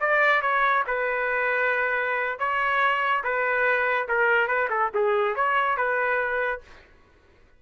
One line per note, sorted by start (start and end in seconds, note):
0.00 0.42 D5
0.42 0.84 C#5
0.87 2.39 B4
2.39 3.23 C#5
3.24 4.08 B4
4.08 4.48 A#4
4.48 4.69 B4
4.70 4.91 A4
4.94 5.35 G#4
5.35 5.77 C#5
5.77 6.61 B4